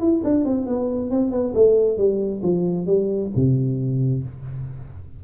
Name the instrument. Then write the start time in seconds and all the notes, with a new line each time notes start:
tuba
0.00 E4
0.24 D4
0.45 C4
0.66 B3
1.10 C4
1.31 B3
1.54 A3
1.98 G3
2.42 F3
2.86 G3
3.35 C3